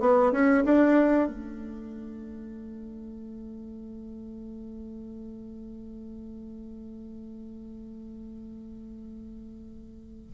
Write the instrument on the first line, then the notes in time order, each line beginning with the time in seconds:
bassoon
0.00 B3
0.32 C#4
0.65 D4
1.28 A3